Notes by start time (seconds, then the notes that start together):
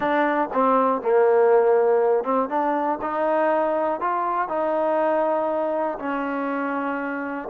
0.00 D4
0.53 C4
1.01 A#3
2.24 C4
2.49 D4
3.01 D#4
4.00 F4
4.48 D#4
5.98 C#4